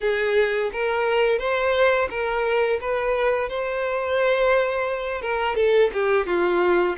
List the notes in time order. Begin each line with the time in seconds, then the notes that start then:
0.01 G#4
0.72 A#4
1.38 C5
2.10 A#4
2.80 B4
3.49 C5
5.21 A#4
5.55 A4
5.93 G4
6.26 F4